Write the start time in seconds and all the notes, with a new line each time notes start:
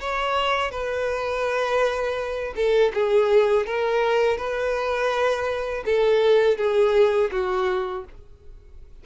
0.00 C#5
0.71 B4
2.55 A4
2.94 G#4
3.66 A#4
4.37 B4
5.85 A4
6.57 G#4
7.31 F#4